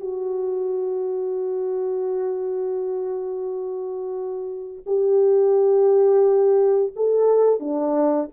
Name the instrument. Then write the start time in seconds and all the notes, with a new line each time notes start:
horn
0.00 F#4
4.86 G4
6.96 A4
7.60 D4